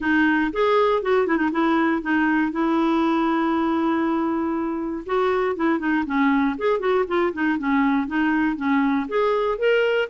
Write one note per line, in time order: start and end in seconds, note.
0.00 0.51 D#4
0.52 1.02 G#4
1.02 1.26 F#4
1.26 1.37 E4
1.37 1.50 D#4
1.52 2.02 E4
2.02 2.52 D#4
2.52 5.04 E4
5.06 5.56 F#4
5.56 5.79 E4
5.79 6.04 D#4
6.05 6.56 C#4
6.58 6.79 G#4
6.79 7.05 F#4
7.07 7.32 F4
7.33 7.58 D#4
7.58 8.07 C#4
8.07 8.56 D#4
8.56 9.06 C#4
9.08 9.58 G#4
9.58 10.08 A#4